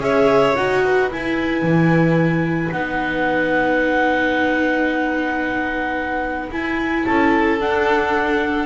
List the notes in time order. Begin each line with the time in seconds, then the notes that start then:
0.00 C#4 G#4 C#5 E5
0.57 D#4 F#4 F#5
0.85 B4
1.11 E4 G#5
1.62 E3
2.72 B3 D#4 F#5
6.51 E4 G#5
7.06 C#4 A4 A5
7.60 D4 F#5